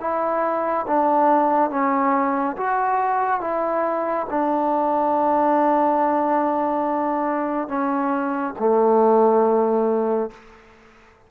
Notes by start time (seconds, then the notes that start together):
0.00 E4
0.87 D4
1.70 C#4
2.57 F#4
3.41 E4
4.30 D4
7.68 C#4
8.59 A3